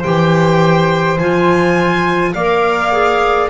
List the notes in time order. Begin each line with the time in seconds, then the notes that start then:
0.00 E3 G4 C5 G5
1.19 F3 F4 G#5
2.34 A#3 A#4 D5 F5
2.93 G#4